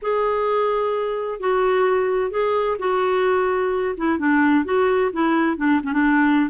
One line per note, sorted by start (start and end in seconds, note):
0.02 1.40 G#4
1.40 2.30 F#4
2.30 2.77 G#4
2.78 3.95 F#4
3.97 4.18 E4
4.18 4.64 D4
4.64 5.11 F#4
5.12 5.57 E4
5.57 5.80 D4
5.83 5.92 C#4
5.92 6.50 D4